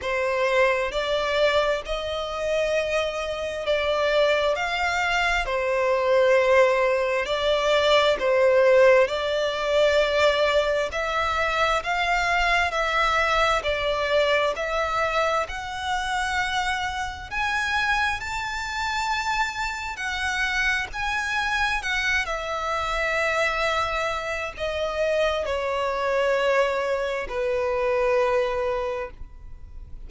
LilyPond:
\new Staff \with { instrumentName = "violin" } { \time 4/4 \tempo 4 = 66 c''4 d''4 dis''2 | d''4 f''4 c''2 | d''4 c''4 d''2 | e''4 f''4 e''4 d''4 |
e''4 fis''2 gis''4 | a''2 fis''4 gis''4 | fis''8 e''2~ e''8 dis''4 | cis''2 b'2 | }